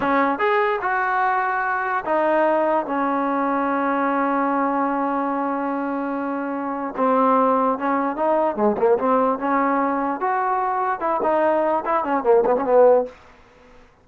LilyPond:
\new Staff \with { instrumentName = "trombone" } { \time 4/4 \tempo 4 = 147 cis'4 gis'4 fis'2~ | fis'4 dis'2 cis'4~ | cis'1~ | cis'1~ |
cis'4 c'2 cis'4 | dis'4 gis8 ais8 c'4 cis'4~ | cis'4 fis'2 e'8 dis'8~ | dis'4 e'8 cis'8 ais8 b16 cis'16 b4 | }